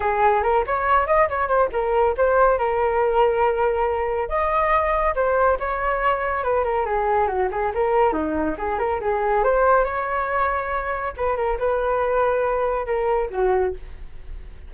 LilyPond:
\new Staff \with { instrumentName = "flute" } { \time 4/4 \tempo 4 = 140 gis'4 ais'8 cis''4 dis''8 cis''8 c''8 | ais'4 c''4 ais'2~ | ais'2 dis''2 | c''4 cis''2 b'8 ais'8 |
gis'4 fis'8 gis'8 ais'4 dis'4 | gis'8 ais'8 gis'4 c''4 cis''4~ | cis''2 b'8 ais'8 b'4~ | b'2 ais'4 fis'4 | }